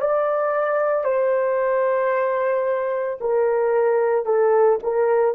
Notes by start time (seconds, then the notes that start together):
0.00 D5
1.04 C5
3.20 A#4
4.25 A4
4.83 A#4